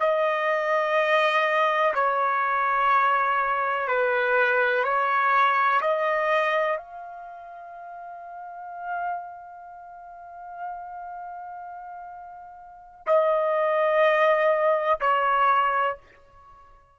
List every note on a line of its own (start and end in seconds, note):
0.00 1.94 D#5
1.94 3.88 C#5
3.88 4.84 B4
4.84 5.81 C#5
5.81 6.77 D#5
6.77 13.06 F5
13.06 15.00 D#5
15.01 15.98 C#5